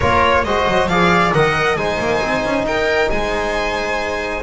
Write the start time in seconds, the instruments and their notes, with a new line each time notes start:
0.00 double bass A#3, trombone F4, viola A#4, violin C#5
0.44 double bass G#3, trombone F#4, viola C5, violin D#5
0.67 double bass F#3
0.87 double bass F3, trombone G#4, viola D5, violin F5
1.33 double bass D#3, trombone A#4, viola D#5, violin F#5
1.75 double bass G#3, trombone D#4, viola C5, violin G#5
1.98 double bass A#3
2.22 double bass C4
2.44 double bass C#4
2.63 double bass D#4, viola A#4, violin G5
3.10 double bass G#3, viola C5, violin G#5